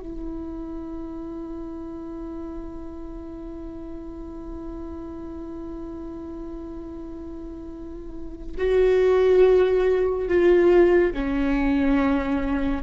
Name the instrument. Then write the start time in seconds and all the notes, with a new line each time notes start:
viola
0.00 E4
8.58 F#4
10.28 F4
11.14 C#4